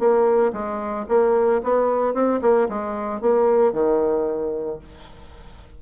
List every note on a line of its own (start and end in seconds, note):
0.00 0.53 A#3
0.54 1.07 G#3
1.09 1.62 A#3
1.64 2.14 B3
2.14 2.41 C4
2.42 2.69 A#3
2.69 3.22 G#3
3.22 3.73 A#3
3.73 4.80 D#3